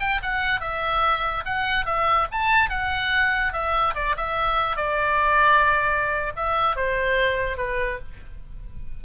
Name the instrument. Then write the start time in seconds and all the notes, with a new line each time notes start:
oboe
0.00 G5
0.23 F#5
0.61 E5
1.45 F#5
1.86 E5
2.32 A5
2.70 F#5
3.53 E5
3.95 D5
4.17 E5
4.77 D5
6.36 E5
6.76 C5
7.57 B4